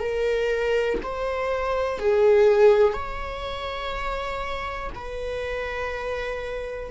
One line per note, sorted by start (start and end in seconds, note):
0.00 0.98 A#4
1.03 1.99 C5
1.99 2.93 G#4
2.93 4.90 C#5
4.95 6.91 B4